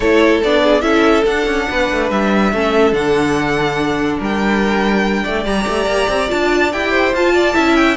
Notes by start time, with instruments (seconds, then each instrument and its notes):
0.00 cello A3, viola E4, violin A4 C#5
0.43 cello B3, viola D4, violin D5
0.63 violin G#4
0.81 cello C#4, viola E4, violin A4 E5
1.25 cello D4, viola D4, violin F#5
1.46 cello C#4
1.69 cello B3, violin B4
1.91 cello A3
2.10 cello G3, violin E5
2.52 cello A3, viola C#4, violin A4
2.92 cello D3, viola D4, violin F#5
4.19 cello G3, violin A#4 G5
5.23 cello A3, violin D5
5.44 cello G3, viola G4, violin A#5
5.67 cello A3
5.86 cello A#3
6.08 cello C4
6.28 cello D4, viola F4, violin A5
6.72 cello E4, viola G4, violin G5
6.90 violin C5
7.13 cello F4, viola F4, violin A5
7.34 violin D5
7.53 cello C#4, viola E4, violin E5
7.75 violin G5